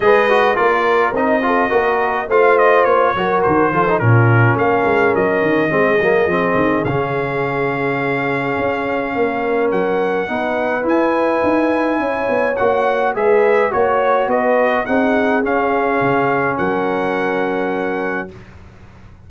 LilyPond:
<<
  \new Staff \with { instrumentName = "trumpet" } { \time 4/4 \tempo 4 = 105 dis''4 d''4 dis''2 | f''8 dis''8 cis''4 c''4 ais'4 | f''4 dis''2. | f''1~ |
f''4 fis''2 gis''4~ | gis''2 fis''4 e''4 | cis''4 dis''4 fis''4 f''4~ | f''4 fis''2. | }
  \new Staff \with { instrumentName = "horn" } { \time 4/4 b'4 ais'4. a'8 ais'4 | c''4. ais'4 a'8 f'4 | ais'2 gis'2~ | gis'1 |
ais'2 b'2~ | b'4 cis''2 b'4 | cis''4 b'4 gis'2~ | gis'4 ais'2. | }
  \new Staff \with { instrumentName = "trombone" } { \time 4/4 gis'8 fis'8 f'4 dis'8 f'8 fis'4 | f'4. fis'4 f'16 dis'16 cis'4~ | cis'2 c'8 ais8 c'4 | cis'1~ |
cis'2 dis'4 e'4~ | e'2 fis'4 gis'4 | fis'2 dis'4 cis'4~ | cis'1 | }
  \new Staff \with { instrumentName = "tuba" } { \time 4/4 gis4 ais4 c'4 ais4 | a4 ais8 fis8 dis8 f8 ais,4 | ais8 gis8 fis8 dis8 gis8 fis8 f8 dis8 | cis2. cis'4 |
ais4 fis4 b4 e'4 | dis'4 cis'8 b8 ais4 gis4 | ais4 b4 c'4 cis'4 | cis4 fis2. | }
>>